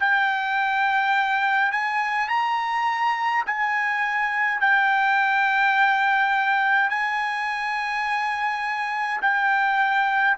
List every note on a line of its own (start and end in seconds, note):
0.00 1.72 G5
1.72 2.29 G#5
2.29 3.44 A#5
3.46 4.61 G#5
4.61 6.90 G5
6.90 9.21 G#5
9.22 10.37 G5